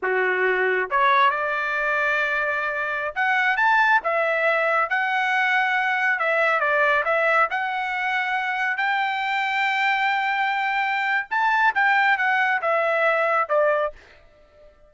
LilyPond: \new Staff \with { instrumentName = "trumpet" } { \time 4/4 \tempo 4 = 138 fis'2 cis''4 d''4~ | d''2.~ d''16 fis''8.~ | fis''16 a''4 e''2 fis''8.~ | fis''2~ fis''16 e''4 d''8.~ |
d''16 e''4 fis''2~ fis''8.~ | fis''16 g''2.~ g''8.~ | g''2 a''4 g''4 | fis''4 e''2 d''4 | }